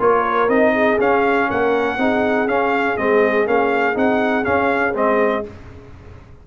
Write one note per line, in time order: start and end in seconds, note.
0.00 0.49 A#3
0.00 0.49 F4
0.00 0.73 A#4
0.00 0.50 C#5
0.49 0.99 C4
0.49 0.99 D#4
0.49 0.99 D#5
0.73 1.48 G#4
1.00 1.49 C#4
1.00 1.99 C#4
1.00 1.51 F5
1.51 1.98 A#3
1.51 2.00 A#4
1.51 2.49 F#5
1.98 2.47 C4
1.98 2.48 D#4
1.98 5.48 G#4
2.47 2.97 C#4
2.47 2.98 C#4
2.47 2.98 F5
2.98 3.47 G#3
2.98 3.46 C4
2.98 3.47 D#5
3.46 3.96 A#3
3.46 3.94 C#4
3.46 3.98 F5
3.94 4.46 C4
3.94 4.44 D#4
3.94 4.45 F#5
4.44 4.94 C#4
4.44 4.95 C#4
4.44 4.94 F5
4.94 5.45 G#3
4.94 5.44 C4
4.94 5.46 D#5